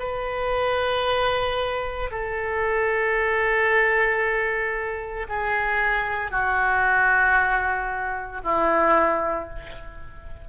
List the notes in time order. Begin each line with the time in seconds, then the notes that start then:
0.00 B4
2.11 A4
5.29 G#4
6.32 F#4
8.44 E4